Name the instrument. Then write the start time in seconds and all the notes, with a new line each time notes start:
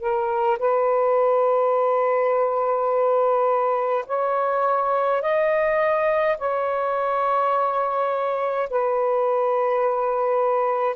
saxophone
0.00 A#4
0.59 B4
4.06 C#5
5.21 D#5
6.38 C#5
8.70 B4